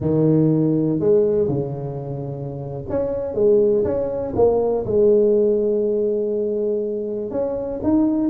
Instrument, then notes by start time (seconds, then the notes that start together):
tuba
0.00 D#3
0.99 G#3
1.47 C#3
2.89 C#4
3.34 G#3
3.84 C#4
4.35 A#3
4.85 G#3
7.30 C#4
7.83 D#4